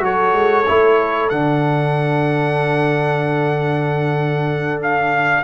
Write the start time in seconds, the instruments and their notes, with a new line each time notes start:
0.00 tuba F#3, trombone F#4, horn A4, trumpet C#5
0.34 tuba G#3
0.67 tuba A3, trombone E4
1.30 tuba D3, trombone D4, trumpet F#5
4.83 trumpet F5